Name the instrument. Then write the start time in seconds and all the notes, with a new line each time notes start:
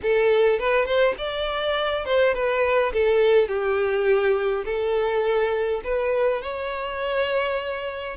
violin
0.02 A4
0.59 B4
0.85 C5
1.18 D5
2.05 C5
2.34 B4
2.92 A4
3.48 G4
4.65 A4
5.84 B4
6.42 C#5